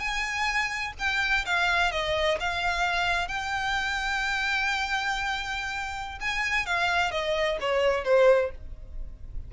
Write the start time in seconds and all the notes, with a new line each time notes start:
0.00 G#5
0.99 G5
1.46 F5
1.92 D#5
2.40 F5
3.29 G5
6.21 G#5
6.66 F5
7.12 D#5
7.61 C#5
8.05 C5